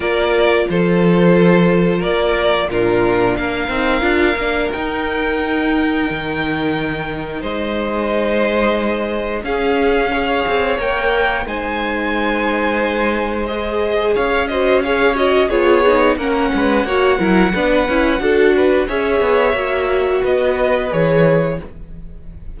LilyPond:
<<
  \new Staff \with { instrumentName = "violin" } { \time 4/4 \tempo 4 = 89 d''4 c''2 d''4 | ais'4 f''2 g''4~ | g''2. dis''4~ | dis''2 f''2 |
g''4 gis''2. | dis''4 f''8 dis''8 f''8 dis''8 cis''4 | fis''1 | e''2 dis''4 cis''4 | }
  \new Staff \with { instrumentName = "violin" } { \time 4/4 ais'4 a'2 ais'4 | f'4 ais'2.~ | ais'2. c''4~ | c''2 gis'4 cis''4~ |
cis''4 c''2.~ | c''4 cis''8 c''8 cis''4 gis'4 | ais'8 b'8 cis''8 ais'8 b'4 a'8 b'8 | cis''2 b'2 | }
  \new Staff \with { instrumentName = "viola" } { \time 4/4 f'1 | d'4. dis'8 f'8 d'8 dis'4~ | dis'1~ | dis'2 cis'4 gis'4 |
ais'4 dis'2. | gis'4. fis'8 gis'8 fis'8 f'8 dis'8 | cis'4 fis'8 e'8 d'8 e'8 fis'4 | gis'4 fis'2 gis'4 | }
  \new Staff \with { instrumentName = "cello" } { \time 4/4 ais4 f2 ais4 | ais,4 ais8 c'8 d'8 ais8 dis'4~ | dis'4 dis2 gis4~ | gis2 cis'4. c'8 |
ais4 gis2.~ | gis4 cis'2 b4 | ais8 gis8 ais8 fis8 b8 cis'8 d'4 | cis'8 b8 ais4 b4 e4 | }
>>